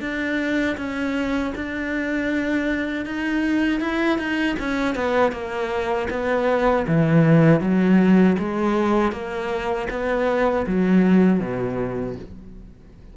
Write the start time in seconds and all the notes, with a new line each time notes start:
0.00 D4
0.77 C#4
1.55 D4
3.06 D#4
3.80 E4
4.18 D#4
4.59 C#4
4.95 B3
5.32 A#3
6.10 B3
6.87 E3
7.60 F#3
8.39 G#3
9.12 A#3
9.90 B3
10.67 F#3
11.40 B2